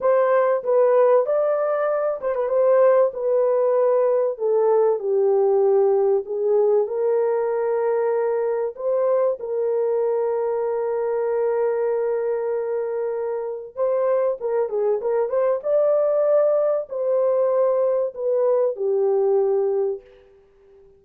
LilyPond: \new Staff \with { instrumentName = "horn" } { \time 4/4 \tempo 4 = 96 c''4 b'4 d''4. c''16 b'16 | c''4 b'2 a'4 | g'2 gis'4 ais'4~ | ais'2 c''4 ais'4~ |
ais'1~ | ais'2 c''4 ais'8 gis'8 | ais'8 c''8 d''2 c''4~ | c''4 b'4 g'2 | }